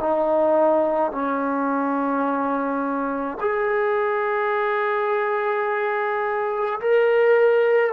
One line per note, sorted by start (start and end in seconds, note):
0.00 1.11 D#4
1.11 3.38 C#4
3.40 6.79 G#4
6.80 7.92 A#4